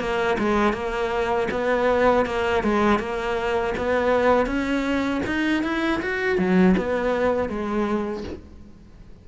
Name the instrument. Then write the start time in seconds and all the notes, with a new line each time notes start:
cello
0.00 A#3
0.39 G#3
0.73 A#3
1.51 B3
2.26 A#3
2.64 G#3
2.99 A#3
3.78 B3
4.47 C#4
5.27 D#4
5.64 E4
6.02 F#4
6.38 F#3
6.77 B3
7.49 G#3